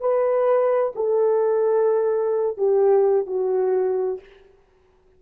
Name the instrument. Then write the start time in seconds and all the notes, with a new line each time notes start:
horn
0.00 B4
0.95 A4
2.57 G4
3.27 F#4